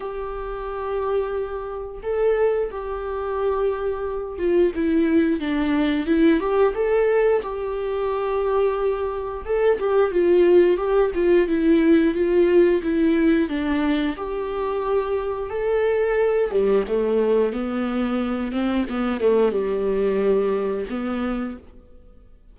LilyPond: \new Staff \with { instrumentName = "viola" } { \time 4/4 \tempo 4 = 89 g'2. a'4 | g'2~ g'8 f'8 e'4 | d'4 e'8 g'8 a'4 g'4~ | g'2 a'8 g'8 f'4 |
g'8 f'8 e'4 f'4 e'4 | d'4 g'2 a'4~ | a'8 g8 a4 b4. c'8 | b8 a8 g2 b4 | }